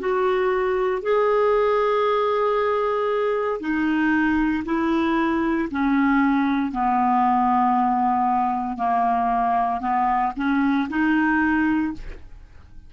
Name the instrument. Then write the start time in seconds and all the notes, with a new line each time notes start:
clarinet
0.00 F#4
1.03 G#4
3.60 D#4
4.66 E4
5.71 C#4
6.72 B3
8.77 A#3
9.81 B3
10.37 C#4
10.90 D#4